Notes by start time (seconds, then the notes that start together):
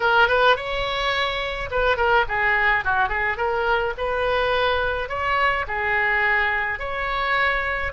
0.00 A#4
0.28 B4
0.56 C#5
1.70 B4
1.97 A#4
2.28 G#4
2.84 F#4
3.08 G#4
3.37 A#4
3.97 B4
5.08 C#5
5.67 G#4
6.79 C#5